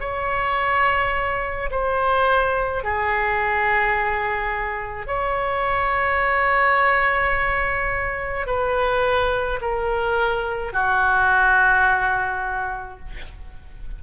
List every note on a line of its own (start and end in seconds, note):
0.00 1.70 C#5
1.71 2.84 C5
2.84 5.07 G#4
5.07 8.46 C#5
8.46 9.59 B4
9.61 10.72 A#4
10.72 12.99 F#4